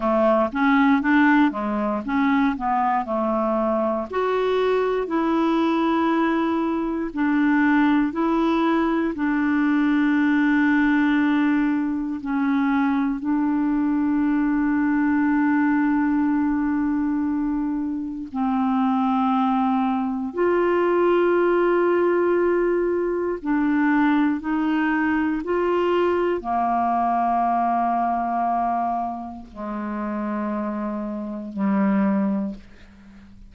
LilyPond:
\new Staff \with { instrumentName = "clarinet" } { \time 4/4 \tempo 4 = 59 a8 cis'8 d'8 gis8 cis'8 b8 a4 | fis'4 e'2 d'4 | e'4 d'2. | cis'4 d'2.~ |
d'2 c'2 | f'2. d'4 | dis'4 f'4 ais2~ | ais4 gis2 g4 | }